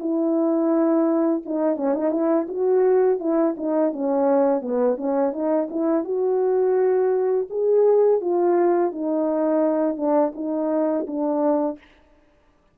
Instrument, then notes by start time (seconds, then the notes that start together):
horn
0.00 E4
1.46 D#4
1.77 C#4
1.94 D#4
2.11 E4
2.48 F#4
3.20 E4
3.57 D#4
3.93 C#4
4.62 B3
4.97 C#4
5.32 D#4
5.70 E4
6.05 F#4
7.50 G#4
8.21 F4
8.92 D#4
9.97 D4
10.35 D#4
11.07 D4